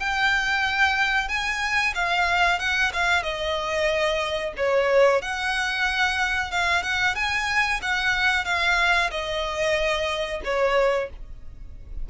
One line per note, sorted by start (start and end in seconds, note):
0.00 1.29 G5
1.29 1.94 G#5
1.95 2.60 F5
2.60 2.92 F#5
2.94 3.23 F5
3.23 4.54 D#5
4.57 5.22 C#5
5.22 6.52 F#5
6.52 6.83 F5
6.83 7.16 F#5
7.16 7.81 G#5
7.83 8.45 F#5
8.45 9.11 F5
9.11 10.42 D#5
10.45 11.10 C#5